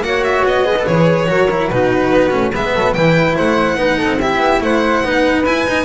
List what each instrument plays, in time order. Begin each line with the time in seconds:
0.00 double bass A#3, cello F#4, violin F#5
0.07 flute C#5
0.24 violin E5
0.44 double bass B3, violin D#5
0.65 cello G#4, flute B4
0.79 cello A4
0.86 double bass E3, cello G#4, violin C#5
1.27 double bass F#3, cello F#4, flute A#4
1.51 cello E4
1.68 double bass B2, cello D#4, flute F#4, violin B4
2.12 double bass B3
2.30 double bass A3, cello C#4
2.52 double bass G#3, cello B3, flute B4, violin E5
2.74 double bass F#3, flute A4
2.94 double bass E3, cello E4, flute B4, violin G5
3.37 double bass A3, flute C5, violin F#5
3.75 double bass B3, cello D#4, flute B4
3.97 flute A4
4.04 double bass C4
4.21 cello E4, flute G4, violin E5
4.39 double bass B3
4.61 double bass A3, flute C5, violin F#5
5.04 double bass B3, cello D#4, flute B4
5.45 double bass E4, cello E4, violin G#5
5.67 cello D#4, double bass D#4